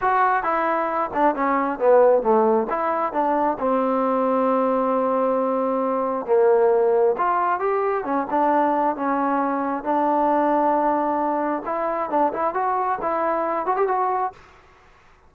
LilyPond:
\new Staff \with { instrumentName = "trombone" } { \time 4/4 \tempo 4 = 134 fis'4 e'4. d'8 cis'4 | b4 a4 e'4 d'4 | c'1~ | c'2 ais2 |
f'4 g'4 cis'8 d'4. | cis'2 d'2~ | d'2 e'4 d'8 e'8 | fis'4 e'4. fis'16 g'16 fis'4 | }